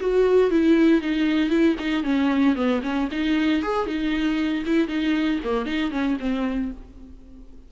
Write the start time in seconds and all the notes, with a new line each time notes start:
0.00 F#4
0.51 E4
1.01 D#4
1.50 E4
1.79 D#4
2.03 C#4
2.55 B3
2.82 C#4
3.11 D#4
3.62 G#4
3.86 D#4
4.66 E4
4.87 D#4
5.44 A#3
5.65 D#4
5.91 C#4
6.19 C4